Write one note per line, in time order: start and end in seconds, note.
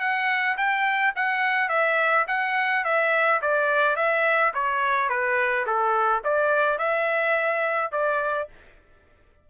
0.00 0.57 F#5
0.57 1.14 G5
1.16 1.69 F#5
1.69 2.26 E5
2.28 2.84 F#5
2.85 3.41 E5
3.42 3.96 D5
3.96 4.53 E5
4.54 5.09 C#5
5.09 5.66 B4
5.67 6.23 A4
6.24 6.78 D5
6.78 7.92 E5
7.92 8.48 D5